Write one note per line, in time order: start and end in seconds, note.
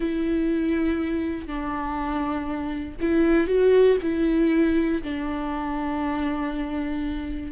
0.00 1.47 E4
1.47 2.97 D4
3.00 3.47 E4
3.47 3.97 F#4
4.02 5.02 E4
5.02 7.51 D4